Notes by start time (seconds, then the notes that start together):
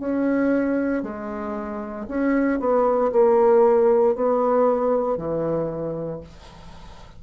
0.00 C#4
1.03 G#3
2.08 C#4
2.60 B3
3.12 A#3
4.16 B3
5.18 E3